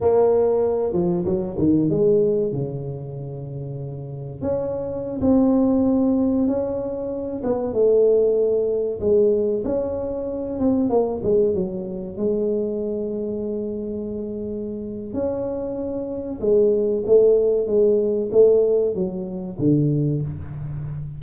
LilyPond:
\new Staff \with { instrumentName = "tuba" } { \time 4/4 \tempo 4 = 95 ais4. f8 fis8 dis8 gis4 | cis2. cis'4~ | cis'16 c'2 cis'4. b16~ | b16 a2 gis4 cis'8.~ |
cis'8. c'8 ais8 gis8 fis4 gis8.~ | gis1 | cis'2 gis4 a4 | gis4 a4 fis4 d4 | }